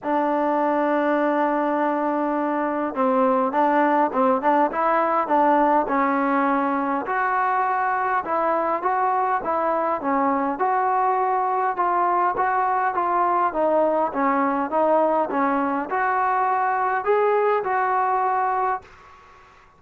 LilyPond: \new Staff \with { instrumentName = "trombone" } { \time 4/4 \tempo 4 = 102 d'1~ | d'4 c'4 d'4 c'8 d'8 | e'4 d'4 cis'2 | fis'2 e'4 fis'4 |
e'4 cis'4 fis'2 | f'4 fis'4 f'4 dis'4 | cis'4 dis'4 cis'4 fis'4~ | fis'4 gis'4 fis'2 | }